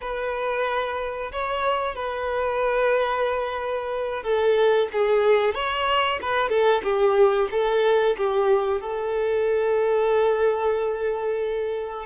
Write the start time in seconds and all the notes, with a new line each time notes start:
0.01 B4
1.32 C#5
1.95 B4
4.23 A4
4.92 G#4
5.54 C#5
6.21 B4
6.49 A4
6.83 G4
7.51 A4
8.17 G4
8.80 A4